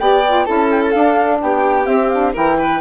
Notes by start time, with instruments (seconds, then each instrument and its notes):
0.00 bassoon B3, saxophone G4, violin D5, flute G5
0.28 saxophone F4
0.46 bassoon C#4, saxophone E4, violin A4, flute A5
0.71 flute G5
0.83 flute A5
0.92 saxophone D4, bassoon D4, flute F5
1.42 bassoon B3, violin G4, flute G5
1.86 saxophone C4, bassoon C4, flute E5
2.10 saxophone D4, flute F5
2.34 bassoon E3, saxophone E4, violin A#4, flute G5
2.59 violin B4